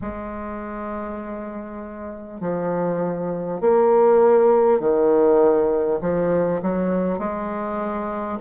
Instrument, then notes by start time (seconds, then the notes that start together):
bassoon
0.01 G#3
2.40 F3
3.60 A#3
4.79 D#3
6.01 F3
6.62 F#3
7.18 G#3